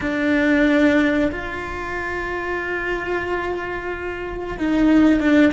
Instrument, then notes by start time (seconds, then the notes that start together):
cello
0.00 D4
1.31 F4
4.58 D#4
5.19 D4